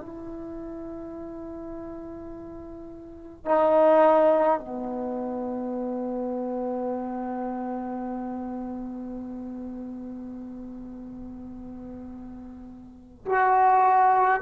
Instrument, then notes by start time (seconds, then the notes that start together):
trombone
0.00 E4
3.45 D#4
4.59 B3
13.25 F#4